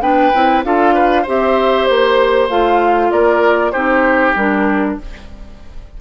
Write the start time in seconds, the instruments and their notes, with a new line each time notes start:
0.00 bassoon B3, clarinet D4, oboe B4, flute G5
0.34 bassoon C4, clarinet E4
0.63 bassoon D4, clarinet F4, oboe A4, flute F5
0.94 oboe B4
1.22 bassoon C4, clarinet G4, oboe C5
1.28 flute E5
1.85 bassoon A#3, flute C5
2.49 bassoon A3, clarinet F4, flute F5
3.11 bassoon A#3, oboe A#4, flute D5
3.71 bassoon C4, clarinet D#4, oboe G4, flute C5
4.35 bassoon G3, clarinet D4, flute A#4